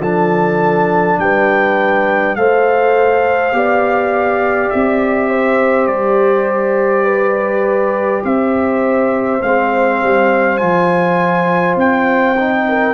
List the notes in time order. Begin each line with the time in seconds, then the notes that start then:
0.00 F3 D4 A4 A5
1.19 G3 B4 G5
2.35 A3 A4 C5 F5
3.52 B3 G4 D5
4.70 C4 E5
5.30 C5
5.87 G3 D5
7.04 B4
8.24 C4 C5 E5
9.42 G#3 C4 F5
10.03 G3
10.58 F3 F4 G#5
11.76 C4 G5
12.39 D#4
12.68 A#4